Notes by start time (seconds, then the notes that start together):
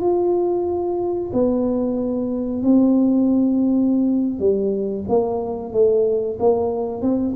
0.00 F4
1.33 B3
2.62 C4
4.39 G3
5.08 A#3
5.72 A3
6.39 A#3
7.02 C4